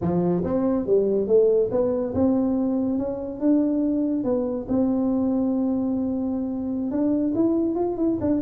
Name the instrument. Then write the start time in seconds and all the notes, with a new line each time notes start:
tuba
0.01 F3
0.44 C4
0.86 G3
1.27 A3
1.71 B3
2.14 C4
2.98 C#4
3.39 D4
4.23 B3
4.68 C4
6.91 D4
7.34 E4
7.75 F4
7.97 E4
8.20 D4